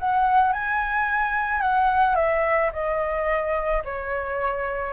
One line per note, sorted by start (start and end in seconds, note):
0.00 0.53 F#5
0.53 1.61 G#5
1.61 2.16 F#5
2.16 2.71 E5
2.73 3.83 D#5
3.85 4.94 C#5